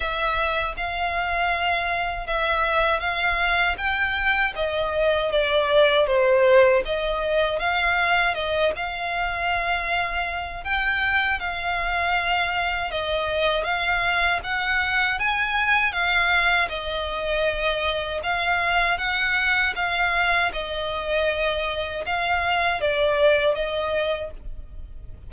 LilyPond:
\new Staff \with { instrumentName = "violin" } { \time 4/4 \tempo 4 = 79 e''4 f''2 e''4 | f''4 g''4 dis''4 d''4 | c''4 dis''4 f''4 dis''8 f''8~ | f''2 g''4 f''4~ |
f''4 dis''4 f''4 fis''4 | gis''4 f''4 dis''2 | f''4 fis''4 f''4 dis''4~ | dis''4 f''4 d''4 dis''4 | }